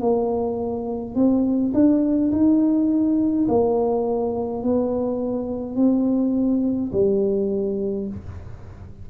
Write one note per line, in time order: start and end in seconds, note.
0.00 1.15 A#3
1.15 1.73 C4
1.74 2.31 D4
2.32 3.47 D#4
3.48 4.63 A#3
4.63 5.76 B3
5.76 6.91 C4
6.92 8.08 G3